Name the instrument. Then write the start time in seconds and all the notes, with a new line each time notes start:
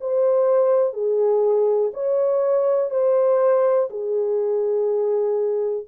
horn
0.00 C5
0.93 G#4
1.93 C#5
2.90 C5
3.90 G#4